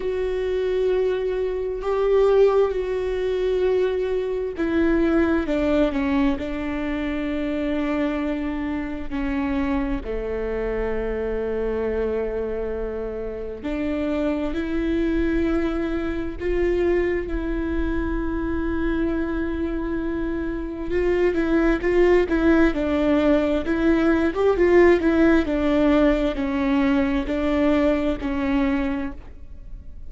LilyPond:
\new Staff \with { instrumentName = "viola" } { \time 4/4 \tempo 4 = 66 fis'2 g'4 fis'4~ | fis'4 e'4 d'8 cis'8 d'4~ | d'2 cis'4 a4~ | a2. d'4 |
e'2 f'4 e'4~ | e'2. f'8 e'8 | f'8 e'8 d'4 e'8. g'16 f'8 e'8 | d'4 cis'4 d'4 cis'4 | }